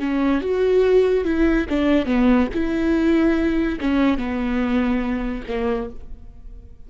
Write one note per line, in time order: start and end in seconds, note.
0.00 0.42 C#4
0.42 1.25 F#4
1.25 1.67 E4
1.70 2.06 D4
2.06 2.48 B3
2.54 3.80 E4
3.81 4.18 C#4
4.18 5.44 B3
5.49 5.90 A#3